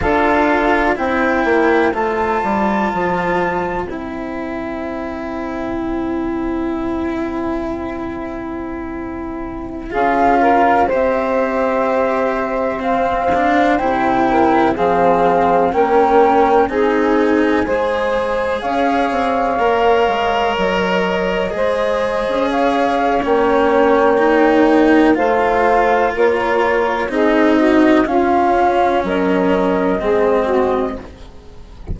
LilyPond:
<<
  \new Staff \with { instrumentName = "flute" } { \time 4/4 \tempo 4 = 62 f''4 g''4 a''2 | g''1~ | g''2~ g''16 f''4 e''8.~ | e''4~ e''16 f''4 g''4 f''8.~ |
f''16 g''4 gis''2 f''8.~ | f''4~ f''16 dis''2 f''8. | g''2 f''4 cis''4 | dis''4 f''4 dis''2 | }
  \new Staff \with { instrumentName = "saxophone" } { \time 4/4 a'4 c''2.~ | c''1~ | c''2~ c''16 gis'8 ais'8 c''8.~ | c''2~ c''8. ais'8 gis'8.~ |
gis'16 ais'4 gis'4 c''4 cis''8.~ | cis''2~ cis''16 c''4 cis''8.~ | cis''2 c''4 ais'4 | gis'8 fis'8 f'4 ais'4 gis'8 fis'8 | }
  \new Staff \with { instrumentName = "cello" } { \time 4/4 f'4 e'4 f'2 | e'1~ | e'2~ e'16 f'4 g'8.~ | g'4~ g'16 c'8 d'8 e'4 c'8.~ |
c'16 cis'4 dis'4 gis'4.~ gis'16~ | gis'16 ais'2 gis'4.~ gis'16 | cis'4 dis'4 f'2 | dis'4 cis'2 c'4 | }
  \new Staff \with { instrumentName = "bassoon" } { \time 4/4 d'4 c'8 ais8 a8 g8 f4 | c'1~ | c'2~ c'16 cis'4 c'8.~ | c'2~ c'16 c4 f8.~ |
f16 ais4 c'4 gis4 cis'8 c'16~ | c'16 ais8 gis8 fis4 gis8. cis'4 | ais2 a4 ais4 | c'4 cis'4 fis4 gis4 | }
>>